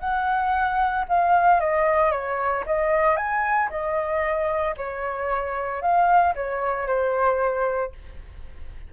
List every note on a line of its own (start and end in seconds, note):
0.00 1.05 F#5
1.09 1.61 F5
1.61 2.12 D#5
2.12 2.65 C#5
2.67 3.17 D#5
3.17 3.70 G#5
3.70 4.75 D#5
4.77 5.82 C#5
5.82 6.35 F5
6.35 6.88 C#5
6.88 7.93 C5